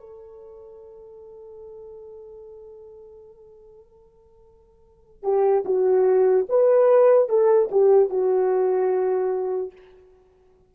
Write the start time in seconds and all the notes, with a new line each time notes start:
0.00 A4
5.23 G4
5.65 F#4
6.49 B4
7.29 A4
7.72 G4
8.10 F#4